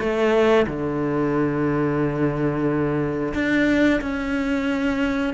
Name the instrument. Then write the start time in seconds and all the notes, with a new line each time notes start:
cello
0.00 A3
0.67 D3
3.35 D4
4.02 C#4